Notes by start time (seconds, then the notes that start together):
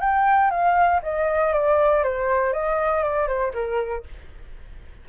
0.00 G5
0.50 F5
1.02 D#5
1.52 D5
2.03 C5
2.53 D#5
3.03 D5
3.27 C5
3.53 A#4